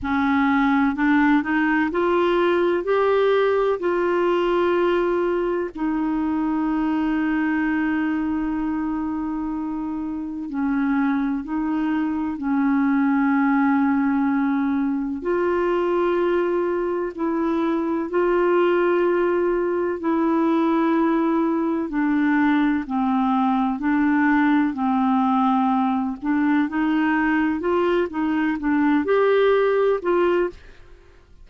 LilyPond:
\new Staff \with { instrumentName = "clarinet" } { \time 4/4 \tempo 4 = 63 cis'4 d'8 dis'8 f'4 g'4 | f'2 dis'2~ | dis'2. cis'4 | dis'4 cis'2. |
f'2 e'4 f'4~ | f'4 e'2 d'4 | c'4 d'4 c'4. d'8 | dis'4 f'8 dis'8 d'8 g'4 f'8 | }